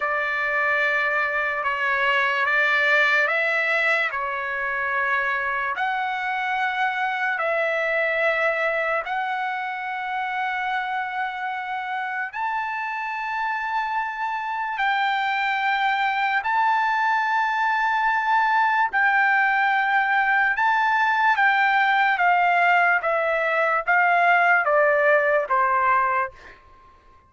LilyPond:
\new Staff \with { instrumentName = "trumpet" } { \time 4/4 \tempo 4 = 73 d''2 cis''4 d''4 | e''4 cis''2 fis''4~ | fis''4 e''2 fis''4~ | fis''2. a''4~ |
a''2 g''2 | a''2. g''4~ | g''4 a''4 g''4 f''4 | e''4 f''4 d''4 c''4 | }